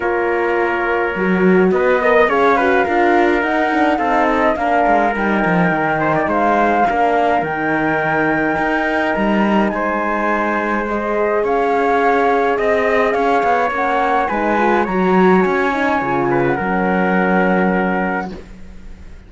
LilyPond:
<<
  \new Staff \with { instrumentName = "flute" } { \time 4/4 \tempo 4 = 105 cis''2. dis''4 | f''2 fis''4 f''8 dis''8 | f''4 g''2 f''4~ | f''4 g''2. |
ais''4 gis''2 dis''4 | f''2 dis''4 f''4 | fis''4 gis''4 ais''4 gis''4~ | gis''8. fis''2.~ fis''16 | }
  \new Staff \with { instrumentName = "trumpet" } { \time 4/4 ais'2. b'8 dis''8 | cis''8 b'8 ais'2 a'4 | ais'2~ ais'8 c''16 d''16 c''4 | ais'1~ |
ais'4 c''2. | cis''2 dis''4 cis''4~ | cis''4 b'4 cis''2~ | cis''8 b'8 ais'2. | }
  \new Staff \with { instrumentName = "horn" } { \time 4/4 f'2 fis'4. ais'8 | gis'8 fis'8 f'4 dis'8 d'8 dis'4 | d'4 dis'2. | d'4 dis'2.~ |
dis'2. gis'4~ | gis'1 | cis'4 dis'8 f'8 fis'4. dis'8 | f'4 cis'2. | }
  \new Staff \with { instrumentName = "cello" } { \time 4/4 ais2 fis4 b4 | cis'4 d'4 dis'4 c'4 | ais8 gis8 g8 f8 dis4 gis4 | ais4 dis2 dis'4 |
g4 gis2. | cis'2 c'4 cis'8 b8 | ais4 gis4 fis4 cis'4 | cis4 fis2. | }
>>